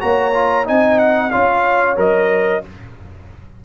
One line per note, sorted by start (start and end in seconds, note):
0.00 0.68 A#3
0.00 0.33 F#4
0.00 0.68 C#5
0.00 0.66 A#5
0.35 0.65 F4
0.65 1.34 C4
0.65 1.30 D#4
0.65 1.32 D#5
0.65 0.99 G#5
0.99 1.31 F#5
1.31 1.97 C#4
1.31 1.97 F4
1.31 2.62 C#5
1.31 1.96 F5
1.97 2.62 F#3
1.97 2.62 A#4
1.97 2.65 D#5